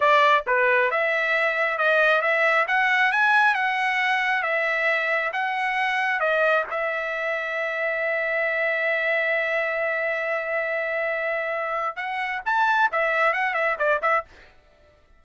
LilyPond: \new Staff \with { instrumentName = "trumpet" } { \time 4/4 \tempo 4 = 135 d''4 b'4 e''2 | dis''4 e''4 fis''4 gis''4 | fis''2 e''2 | fis''2 dis''4 e''4~ |
e''1~ | e''1~ | e''2. fis''4 | a''4 e''4 fis''8 e''8 d''8 e''8 | }